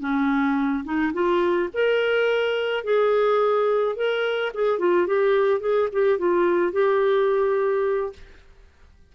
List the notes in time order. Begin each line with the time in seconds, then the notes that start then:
0.00 C#4
0.84 D#4
1.13 F4
1.74 A#4
2.84 G#4
3.96 A#4
4.54 G#4
4.79 F4
5.07 G4
5.60 G#4
5.92 G4
6.19 F4
6.73 G4